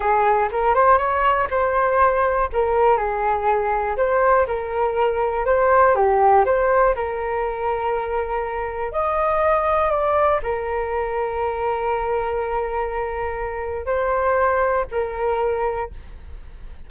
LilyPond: \new Staff \with { instrumentName = "flute" } { \time 4/4 \tempo 4 = 121 gis'4 ais'8 c''8 cis''4 c''4~ | c''4 ais'4 gis'2 | c''4 ais'2 c''4 | g'4 c''4 ais'2~ |
ais'2 dis''2 | d''4 ais'2.~ | ais'1 | c''2 ais'2 | }